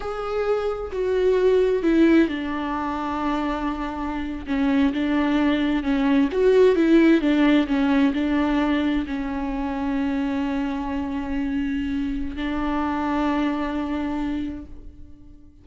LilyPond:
\new Staff \with { instrumentName = "viola" } { \time 4/4 \tempo 4 = 131 gis'2 fis'2 | e'4 d'2.~ | d'4.~ d'16 cis'4 d'4~ d'16~ | d'8. cis'4 fis'4 e'4 d'16~ |
d'8. cis'4 d'2 cis'16~ | cis'1~ | cis'2. d'4~ | d'1 | }